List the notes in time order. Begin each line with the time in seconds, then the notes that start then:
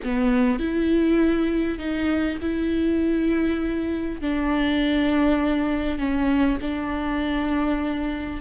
0.03 B3
0.59 E4
1.78 D#4
2.41 E4
4.21 D4
5.98 C#4
6.61 D4